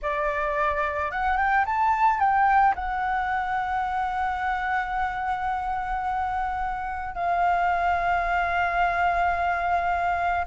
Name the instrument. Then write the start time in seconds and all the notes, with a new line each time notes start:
flute
0.02 D5
1.11 F#5
1.37 G5
1.65 A5
2.19 G5
2.75 F#5
7.15 F5